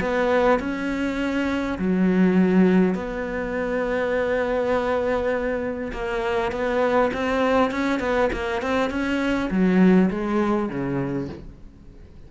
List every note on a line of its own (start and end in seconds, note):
0.00 0.59 B3
0.59 1.78 C#4
1.79 2.95 F#3
2.95 5.92 B3
5.93 6.52 A#3
6.52 7.11 B3
7.14 7.71 C4
7.71 8.00 C#4
8.00 8.30 B3
8.33 8.62 A#3
8.62 8.90 C4
8.90 9.49 C#4
9.50 10.10 F#3
10.10 10.69 G#3
10.69 11.29 C#3